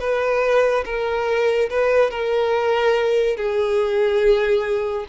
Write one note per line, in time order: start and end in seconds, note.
0.00 0.85 B4
0.85 1.69 A#4
1.70 2.10 B4
2.10 3.37 A#4
3.37 5.06 G#4